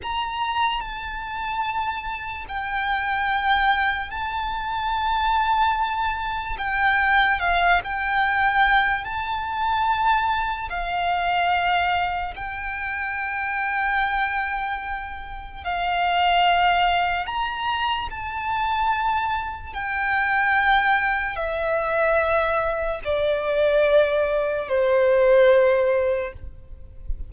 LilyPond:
\new Staff \with { instrumentName = "violin" } { \time 4/4 \tempo 4 = 73 ais''4 a''2 g''4~ | g''4 a''2. | g''4 f''8 g''4. a''4~ | a''4 f''2 g''4~ |
g''2. f''4~ | f''4 ais''4 a''2 | g''2 e''2 | d''2 c''2 | }